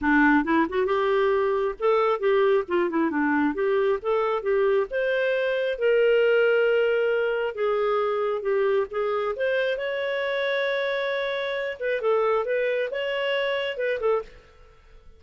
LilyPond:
\new Staff \with { instrumentName = "clarinet" } { \time 4/4 \tempo 4 = 135 d'4 e'8 fis'8 g'2 | a'4 g'4 f'8 e'8 d'4 | g'4 a'4 g'4 c''4~ | c''4 ais'2.~ |
ais'4 gis'2 g'4 | gis'4 c''4 cis''2~ | cis''2~ cis''8 b'8 a'4 | b'4 cis''2 b'8 a'8 | }